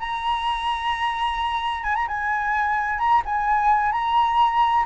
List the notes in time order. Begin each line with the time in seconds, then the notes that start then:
0.00 A#5
1.84 G#5
1.96 A#5
2.08 G#5
2.99 A#5
3.26 G#5
3.92 A#5